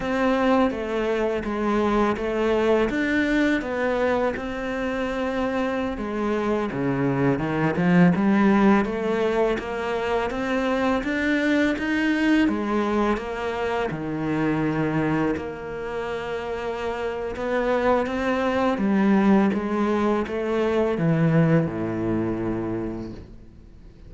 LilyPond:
\new Staff \with { instrumentName = "cello" } { \time 4/4 \tempo 4 = 83 c'4 a4 gis4 a4 | d'4 b4 c'2~ | c'16 gis4 cis4 dis8 f8 g8.~ | g16 a4 ais4 c'4 d'8.~ |
d'16 dis'4 gis4 ais4 dis8.~ | dis4~ dis16 ais2~ ais8. | b4 c'4 g4 gis4 | a4 e4 a,2 | }